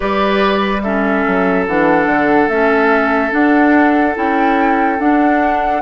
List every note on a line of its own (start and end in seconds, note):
0.00 1.25 G3
0.00 0.79 G4
0.00 0.82 B4
0.00 0.82 D5
0.82 1.68 C#4
0.82 5.81 A4
0.82 1.65 E5
1.26 1.67 F#3
1.67 2.06 E3
1.67 2.50 D4
1.67 2.48 F#5
2.06 2.47 D3
2.48 3.31 A3
2.48 3.30 C#4
2.48 3.32 E5
3.30 4.14 D4
3.30 4.15 D4
3.30 4.16 F#5
4.14 4.99 C#4
4.14 4.98 E4
4.14 5.00 G5
4.99 5.81 D4
4.99 5.81 F#5